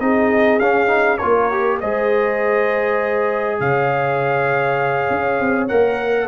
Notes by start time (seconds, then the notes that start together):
0.00 C4 D#4 G#4 D#5
0.59 C#4 F5
0.87 D#4
1.17 A#3 F4 A#4 C#5
1.51 G4
1.80 G#3 G#4 C5 D#5
3.60 C#3 C#5 F5
5.10 C#4
5.40 C4
5.68 A#3 A#4 F#5